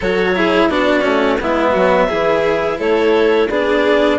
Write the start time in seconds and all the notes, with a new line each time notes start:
0.00 F#3 F#4 A4 C#5
0.36 E4 G#4
0.68 B3 D4 F#4 D5
1.01 A3 C#4
1.40 G#3 B3 E4 E5
1.71 F#3 F#4
2.08 E3 E4 G#4
2.78 A3 A4 C#5
3.49 B3 D4 G#4 D5